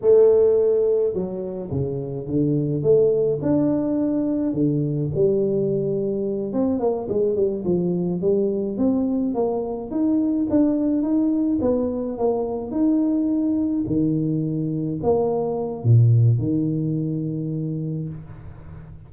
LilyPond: \new Staff \with { instrumentName = "tuba" } { \time 4/4 \tempo 4 = 106 a2 fis4 cis4 | d4 a4 d'2 | d4 g2~ g8 c'8 | ais8 gis8 g8 f4 g4 c'8~ |
c'8 ais4 dis'4 d'4 dis'8~ | dis'8 b4 ais4 dis'4.~ | dis'8 dis2 ais4. | ais,4 dis2. | }